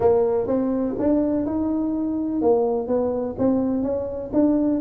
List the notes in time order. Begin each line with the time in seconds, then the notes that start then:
0.00 A#3
0.47 C4
0.98 D4
1.45 D#4
2.41 A#3
2.87 B3
3.38 C4
3.82 C#4
4.33 D4